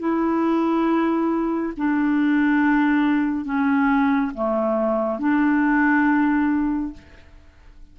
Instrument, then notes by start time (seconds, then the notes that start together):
clarinet
0.00 E4
1.77 D4
3.45 C#4
4.35 A3
5.19 D4